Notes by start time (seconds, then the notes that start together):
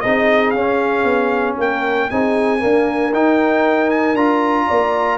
0.00 C4 D#4 G#4 D#5
0.50 C#4 F5
1.04 B3
1.58 A#3 A#4 G5
2.09 C4 D#4 G#4 G#5
2.59 A#3 D4 A#4
3.12 D#4 G5
3.90 G#5
4.14 D4 F4 A#5
4.66 A#3 D5